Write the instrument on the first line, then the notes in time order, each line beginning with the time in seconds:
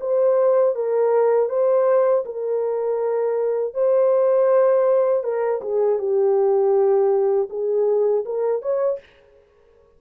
horn
0.00 C5
0.75 A#4
1.49 C5
2.25 A#4
3.73 C5
5.23 A#4
5.61 G#4
5.98 G4
7.49 G#4
8.25 A#4
8.62 C#5